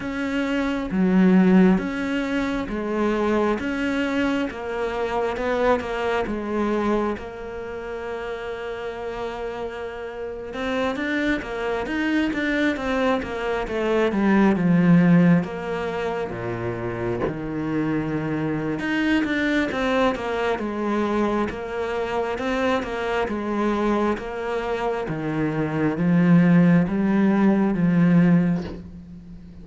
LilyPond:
\new Staff \with { instrumentName = "cello" } { \time 4/4 \tempo 4 = 67 cis'4 fis4 cis'4 gis4 | cis'4 ais4 b8 ais8 gis4 | ais2.~ ais8. c'16~ | c'16 d'8 ais8 dis'8 d'8 c'8 ais8 a8 g16~ |
g16 f4 ais4 ais,4 dis8.~ | dis4 dis'8 d'8 c'8 ais8 gis4 | ais4 c'8 ais8 gis4 ais4 | dis4 f4 g4 f4 | }